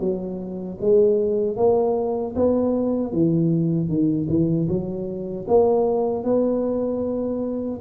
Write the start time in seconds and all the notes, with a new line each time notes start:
0.00 F#3
0.81 G#3
1.57 A#3
2.36 B3
3.13 E3
3.89 D#3
4.29 E3
4.69 F#3
5.48 A#3
6.24 B3